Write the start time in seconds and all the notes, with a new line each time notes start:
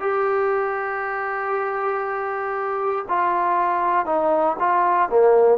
0.00 G4
3.08 F4
4.05 D#4
4.59 F4
5.09 A#3